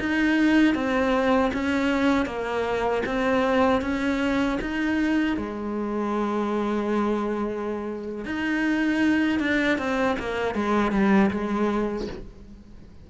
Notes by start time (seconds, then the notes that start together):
0.00 D#4
0.75 C4
1.54 C#4
2.26 A#3
3.06 C4
3.82 C#4
4.62 D#4
5.37 G#3
8.26 D#4
9.40 D4
9.79 C4
10.19 A#3
10.55 G#3
10.92 G3
11.31 G#3